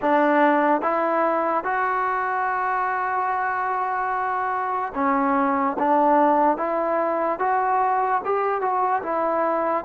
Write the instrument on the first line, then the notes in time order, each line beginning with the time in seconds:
trombone
0.01 D4
0.81 E4
1.64 F#4
4.94 C#4
5.78 D4
6.57 E4
7.39 F#4
8.25 G4
8.61 F#4
9.02 E4